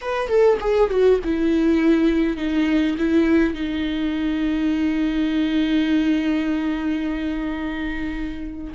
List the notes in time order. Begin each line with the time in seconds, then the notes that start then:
0.01 B4
0.28 A4
0.60 G#4
0.90 F#4
1.24 E4
2.37 D#4
2.97 E4
3.53 D#4